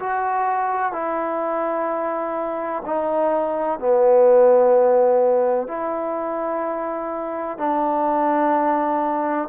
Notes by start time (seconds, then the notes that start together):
0.00 F#4
0.93 E4
2.86 D#4
3.80 B3
5.68 E4
7.58 D4